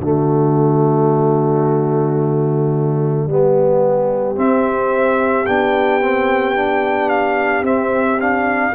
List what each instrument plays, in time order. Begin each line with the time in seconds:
0.00 tuba D3, trombone A3, horn F#4, trumpet D5
3.27 tuba G3, trombone B3, horn G4
4.36 trombone C4, tuba C4, trumpet E5
5.46 tuba B3, trombone D4, trumpet G5
6.01 trombone C4
6.56 trombone D4
7.10 trumpet F5
7.62 tuba C4, trombone C4, trumpet E5
8.19 trombone D4, trumpet F5